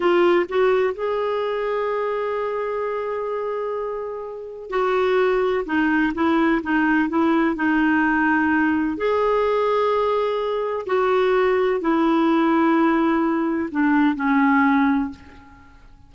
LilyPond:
\new Staff \with { instrumentName = "clarinet" } { \time 4/4 \tempo 4 = 127 f'4 fis'4 gis'2~ | gis'1~ | gis'2 fis'2 | dis'4 e'4 dis'4 e'4 |
dis'2. gis'4~ | gis'2. fis'4~ | fis'4 e'2.~ | e'4 d'4 cis'2 | }